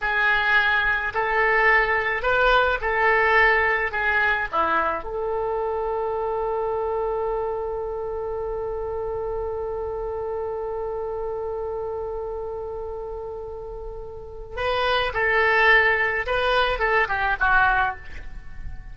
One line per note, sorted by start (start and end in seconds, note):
0.01 1.13 G#4
1.14 2.22 A4
2.22 2.78 B4
2.81 3.91 A4
3.91 4.47 G#4
4.51 5.03 E4
5.03 14.56 A4
14.56 15.12 B4
15.13 16.25 A4
16.26 16.79 B4
16.79 17.07 A4
17.08 17.36 G4
17.40 17.96 F#4